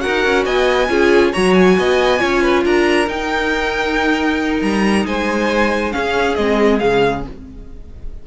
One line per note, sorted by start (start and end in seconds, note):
0.00 0.88 F#4
0.00 0.45 A#4
0.00 0.45 F#5
0.07 0.25 D#4
0.25 0.46 C#4
0.45 0.89 B3
0.45 0.89 D#5
0.45 1.33 G#5
0.89 1.33 C#4
0.89 1.33 F4
0.89 1.32 G#4
1.32 1.78 F#3
1.32 2.19 F#4
1.32 1.76 C#5
1.32 1.54 A#5
1.54 2.63 G#5
1.78 2.22 B3
1.78 2.20 D#5
2.19 2.66 C#4
2.19 3.06 F4
2.19 2.42 C#5
2.42 2.64 B4
2.65 3.08 D4
2.65 5.06 A#4
2.65 3.09 A#5
3.08 5.92 D#4
3.08 4.61 D#4
3.08 4.62 G5
4.62 5.06 G3
4.62 5.06 A#5
5.06 5.94 G#3
5.06 5.95 C5
5.06 5.92 G#5
5.92 6.36 C#4
5.92 6.38 C#4
5.92 7.27 G#4
5.92 6.35 F5
6.35 6.81 G#3
6.35 6.80 C4
6.35 6.79 D#5
6.79 7.26 C#3
6.79 7.24 G#3
6.79 7.23 F5